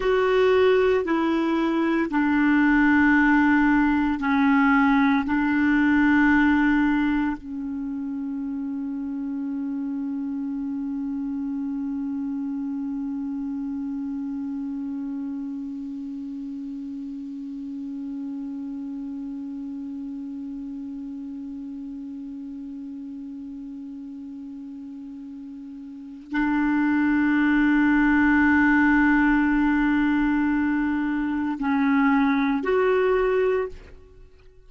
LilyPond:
\new Staff \with { instrumentName = "clarinet" } { \time 4/4 \tempo 4 = 57 fis'4 e'4 d'2 | cis'4 d'2 cis'4~ | cis'1~ | cis'1~ |
cis'1~ | cis'1~ | cis'4 d'2.~ | d'2 cis'4 fis'4 | }